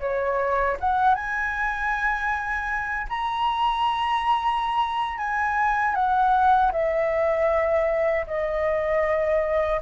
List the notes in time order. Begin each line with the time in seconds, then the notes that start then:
0.00 C#5
0.80 F#5
1.15 G#5
3.09 A#5
5.18 G#5
5.95 F#5
6.72 E5
8.27 D#5